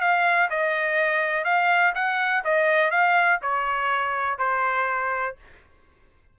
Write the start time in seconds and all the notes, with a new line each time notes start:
0.00 F5
0.50 D#5
1.44 F5
1.94 F#5
2.44 D#5
2.90 F5
3.42 C#5
4.38 C5